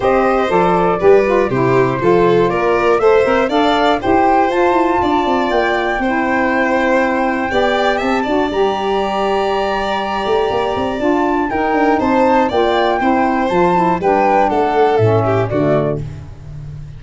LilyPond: <<
  \new Staff \with { instrumentName = "flute" } { \time 4/4 \tempo 4 = 120 dis''4 d''2 c''4~ | c''4 d''4 e''4 f''4 | g''4 a''2 g''4~ | g''1 |
a''4 ais''2.~ | ais''2 a''4 g''4 | a''4 g''2 a''4 | g''4 fis''4 e''4 d''4 | }
  \new Staff \with { instrumentName = "violin" } { \time 4/4 c''2 b'4 g'4 | a'4 ais'4 c''4 d''4 | c''2 d''2 | c''2. d''4 |
e''8 d''2.~ d''8~ | d''2. ais'4 | c''4 d''4 c''2 | b'4 a'4. g'8 fis'4 | }
  \new Staff \with { instrumentName = "saxophone" } { \time 4/4 g'4 a'4 g'8 f'8 e'4 | f'2 a'8 ais'8 a'4 | g'4 f'2. | e'2. g'4~ |
g'8 fis'8 g'2.~ | g'2 f'4 dis'4~ | dis'4 f'4 e'4 f'8 e'8 | d'2 cis'4 a4 | }
  \new Staff \with { instrumentName = "tuba" } { \time 4/4 c'4 f4 g4 c4 | f4 ais4 a8 c'8 d'4 | e'4 f'8 e'8 d'8 c'8 ais4 | c'2. b4 |
c'8 d'8 g2.~ | g8 a8 ais8 c'8 d'4 dis'8 d'8 | c'4 ais4 c'4 f4 | g4 a4 a,4 d4 | }
>>